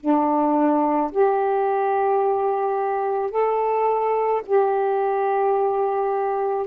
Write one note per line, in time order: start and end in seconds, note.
0.00 1.11 D4
1.12 3.31 G4
3.31 4.42 A4
4.46 6.67 G4